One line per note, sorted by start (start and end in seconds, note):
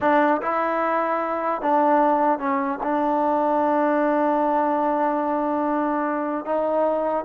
0.01 0.41 D4
0.42 1.61 E4
1.61 2.38 D4
2.38 2.79 C#4
2.83 6.45 D4
6.45 7.24 D#4